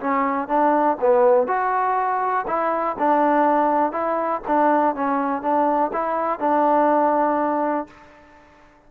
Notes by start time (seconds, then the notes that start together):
0.00 C#4
0.48 D4
1.00 B3
1.48 F#4
2.47 E4
2.99 D4
3.92 E4
4.48 D4
4.95 C#4
5.42 D4
5.93 E4
6.40 D4